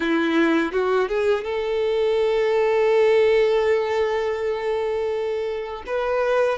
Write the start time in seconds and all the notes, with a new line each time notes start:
0.00 E4
0.72 F#4
1.08 G#4
1.44 A4
5.86 B4